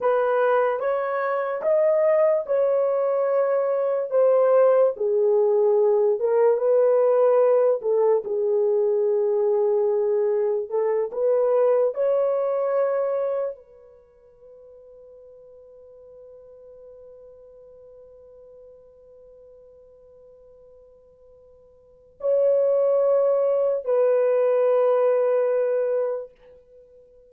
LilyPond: \new Staff \with { instrumentName = "horn" } { \time 4/4 \tempo 4 = 73 b'4 cis''4 dis''4 cis''4~ | cis''4 c''4 gis'4. ais'8 | b'4. a'8 gis'2~ | gis'4 a'8 b'4 cis''4.~ |
cis''8 b'2.~ b'8~ | b'1~ | b'2. cis''4~ | cis''4 b'2. | }